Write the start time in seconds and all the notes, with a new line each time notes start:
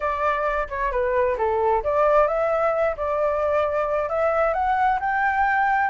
0.00 D5
0.68 C#5
0.91 B4
1.37 A4
1.83 D5
2.27 E5
2.97 D5
4.09 E5
4.53 F#5
5.00 G5